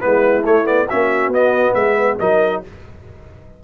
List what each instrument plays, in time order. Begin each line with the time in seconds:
0.00 tuba G#3, trombone B3, horn E4, trumpet B4
0.45 trombone A3, tuba A3, trumpet C#5
0.65 trombone B3, trumpet D5
0.88 tuba A#3, trombone C#4, horn F#4, trumpet E5
1.28 tuba B3, trombone B3
1.34 trumpet D#5
1.74 tuba G#3, horn B4, trumpet E5
2.20 tuba F#3, trombone D#4, horn A#4, trumpet D#5